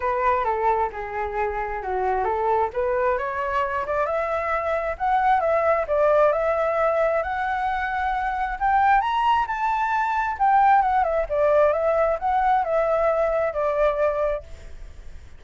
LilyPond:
\new Staff \with { instrumentName = "flute" } { \time 4/4 \tempo 4 = 133 b'4 a'4 gis'2 | fis'4 a'4 b'4 cis''4~ | cis''8 d''8 e''2 fis''4 | e''4 d''4 e''2 |
fis''2. g''4 | ais''4 a''2 g''4 | fis''8 e''8 d''4 e''4 fis''4 | e''2 d''2 | }